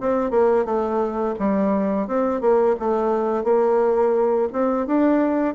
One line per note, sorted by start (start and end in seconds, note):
0.00 0.30 C4
0.30 0.65 A#3
0.65 1.35 A3
1.39 2.07 G3
2.07 2.41 C4
2.41 2.76 A#3
2.79 3.44 A3
3.44 4.48 A#3
4.53 4.86 C4
4.86 5.54 D4